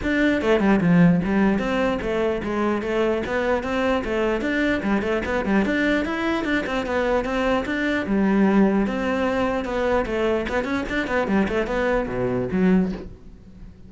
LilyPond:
\new Staff \with { instrumentName = "cello" } { \time 4/4 \tempo 4 = 149 d'4 a8 g8 f4 g4 | c'4 a4 gis4 a4 | b4 c'4 a4 d'4 | g8 a8 b8 g8 d'4 e'4 |
d'8 c'8 b4 c'4 d'4 | g2 c'2 | b4 a4 b8 cis'8 d'8 b8 | g8 a8 b4 b,4 fis4 | }